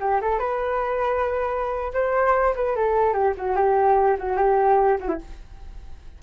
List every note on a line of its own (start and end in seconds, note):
0.00 0.20 G4
0.21 0.39 A4
0.39 1.92 B4
1.93 2.54 C5
2.55 2.76 B4
2.76 3.13 A4
3.13 3.34 G4
3.37 3.56 F#4
3.56 4.17 G4
4.18 4.37 F#4
4.37 4.98 G4
5.00 5.08 F#4
5.08 5.18 E4